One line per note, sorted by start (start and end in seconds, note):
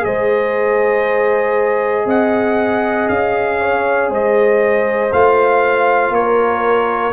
0.00 2.06 G#3
0.00 5.08 G#4
0.00 2.08 D#5
0.06 2.07 C5
2.06 3.08 C4
2.06 3.60 D#5
2.06 3.09 F#5
3.09 4.10 C#4
3.09 4.11 F5
3.61 4.11 C#5
4.10 5.12 G#3
4.10 6.14 C5
4.10 5.13 D#5
5.13 6.10 A3
5.13 7.13 F4
5.13 6.15 F5
6.10 7.12 A#3
6.10 7.13 A#4
6.10 7.13 C#5